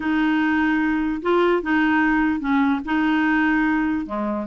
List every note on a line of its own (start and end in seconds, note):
0.00 1.21 D#4
1.21 1.62 F4
1.62 2.40 D#4
2.40 2.80 C#4
2.85 4.06 D#4
4.06 4.46 G#3